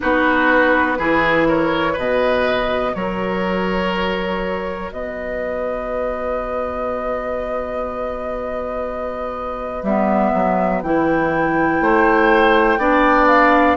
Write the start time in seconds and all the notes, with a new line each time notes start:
0.00 B3 D#4 F#4 B4
0.98 E3 E4 G#4
1.48 A#4 C#5
1.92 B2 F#4 B4 D#5
2.94 F#3 A#4 C#5
4.91 B3 B4 D#5
9.82 G3 B3 E5
10.33 F#3
10.82 E3 E4 G5
11.80 A3 C5
12.77 B3 D4 D5
13.27 F5